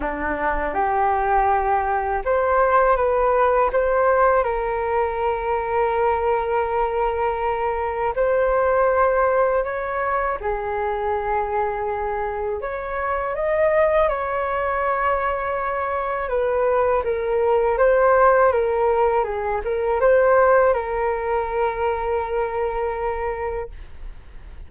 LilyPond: \new Staff \with { instrumentName = "flute" } { \time 4/4 \tempo 4 = 81 d'4 g'2 c''4 | b'4 c''4 ais'2~ | ais'2. c''4~ | c''4 cis''4 gis'2~ |
gis'4 cis''4 dis''4 cis''4~ | cis''2 b'4 ais'4 | c''4 ais'4 gis'8 ais'8 c''4 | ais'1 | }